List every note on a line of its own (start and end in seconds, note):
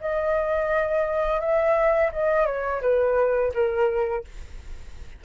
0.00 1.40 D#5
1.40 2.10 E5
2.11 2.46 D#5
2.46 2.81 C#5
2.81 3.52 B4
3.54 4.24 A#4